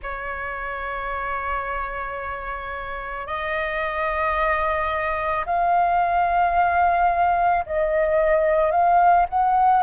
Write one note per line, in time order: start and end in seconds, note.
0.02 3.26 C#5
3.26 5.44 D#5
5.45 7.64 F5
7.66 8.71 D#5
8.71 9.25 F5
9.29 9.82 F#5